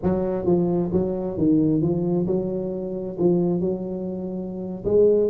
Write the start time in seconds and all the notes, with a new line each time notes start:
0.02 F#3
0.45 F3
0.92 F#3
1.37 D#3
1.81 F3
2.27 F#3
3.18 F3
3.60 F#3
4.85 G#3